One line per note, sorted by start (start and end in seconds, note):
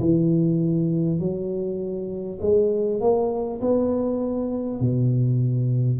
0.00 1.19 E3
1.19 2.39 F#3
2.41 3.01 G#3
3.01 3.61 A#3
3.61 4.81 B3
4.81 6.00 B2